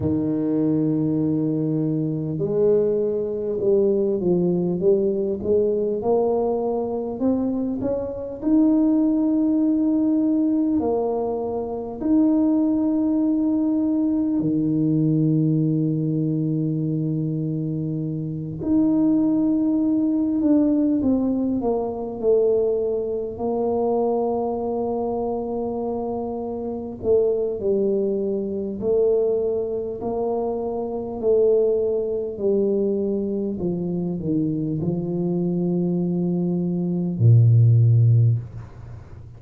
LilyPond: \new Staff \with { instrumentName = "tuba" } { \time 4/4 \tempo 4 = 50 dis2 gis4 g8 f8 | g8 gis8 ais4 c'8 cis'8 dis'4~ | dis'4 ais4 dis'2 | dis2.~ dis8 dis'8~ |
dis'4 d'8 c'8 ais8 a4 ais8~ | ais2~ ais8 a8 g4 | a4 ais4 a4 g4 | f8 dis8 f2 ais,4 | }